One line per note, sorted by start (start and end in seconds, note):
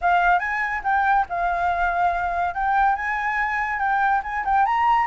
0.01 0.39 F5
0.39 0.81 G#5
0.83 1.26 G5
1.29 2.54 F5
2.54 2.95 G5
2.95 3.79 G#5
3.79 4.21 G5
4.23 4.44 G#5
4.44 4.65 G5
4.65 5.06 A#5